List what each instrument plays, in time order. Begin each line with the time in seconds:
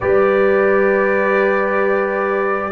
0.00 tuba G3, trombone G4, horn B4, trumpet D5